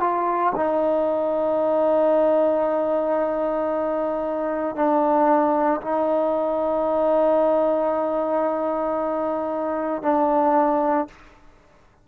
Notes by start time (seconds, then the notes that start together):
0.00 F4
0.56 D#4
4.76 D4
5.81 D#4
10.02 D4